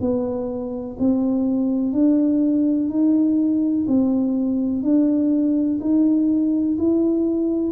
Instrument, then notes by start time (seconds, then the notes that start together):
tuba
0.00 B3
0.99 C4
1.92 D4
2.89 D#4
3.87 C4
4.82 D4
5.80 D#4
6.78 E4